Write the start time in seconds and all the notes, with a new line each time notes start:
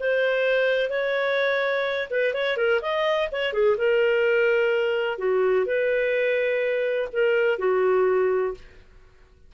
0.00 C5
0.90 C#5
2.10 B4
2.34 C#5
2.57 A#4
2.81 D#5
3.32 C#5
3.53 G#4
3.77 A#4
5.18 F#4
5.66 B4
7.13 A#4
7.59 F#4